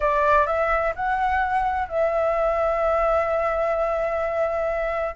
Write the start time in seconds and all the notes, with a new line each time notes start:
0.00 D5
0.46 E5
0.95 F#5
1.88 E5